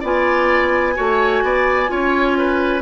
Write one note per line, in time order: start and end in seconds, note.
0.00 0.97 B3
0.00 0.95 F4
0.00 0.94 D5
0.00 2.82 G#5
0.95 1.43 A3
0.95 1.87 F#4
0.95 1.43 C#5
1.43 1.90 B3
1.43 1.91 D5
1.87 2.82 C#4
1.87 2.81 F4
1.87 2.38 C#5
2.38 2.82 B4